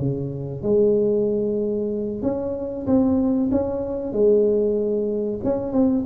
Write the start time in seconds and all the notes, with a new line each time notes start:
0.00 C#3
0.63 G#3
2.23 C#4
2.87 C4
3.52 C#4
4.13 G#3
5.44 C#4
5.73 C4